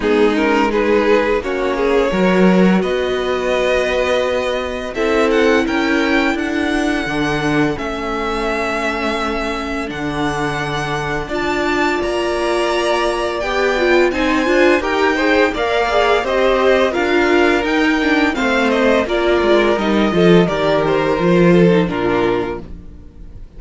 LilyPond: <<
  \new Staff \with { instrumentName = "violin" } { \time 4/4 \tempo 4 = 85 gis'8 ais'8 b'4 cis''2 | dis''2. e''8 fis''8 | g''4 fis''2 e''4~ | e''2 fis''2 |
a''4 ais''2 g''4 | gis''4 g''4 f''4 dis''4 | f''4 g''4 f''8 dis''8 d''4 | dis''4 d''8 c''4. ais'4 | }
  \new Staff \with { instrumentName = "violin" } { \time 4/4 dis'4 gis'4 fis'8 gis'8 ais'4 | b'2. a'4 | ais'4 a'2.~ | a'1 |
d''1 | c''4 ais'8 c''8 d''4 c''4 | ais'2 c''4 ais'4~ | ais'8 a'8 ais'4. a'8 f'4 | }
  \new Staff \with { instrumentName = "viola" } { \time 4/4 b8 cis'8 dis'4 cis'4 fis'4~ | fis'2. e'4~ | e'2 d'4 cis'4~ | cis'2 d'2 |
f'2. g'8 f'8 | dis'8 f'8 g'8 gis'8 ais'8 gis'8 g'4 | f'4 dis'8 d'8 c'4 f'4 | dis'8 f'8 g'4 f'8. dis'16 d'4 | }
  \new Staff \with { instrumentName = "cello" } { \time 4/4 gis2 ais4 fis4 | b2. c'4 | cis'4 d'4 d4 a4~ | a2 d2 |
d'4 ais2 b4 | c'8 d'8 dis'4 ais4 c'4 | d'4 dis'4 a4 ais8 gis8 | g8 f8 dis4 f4 ais,4 | }
>>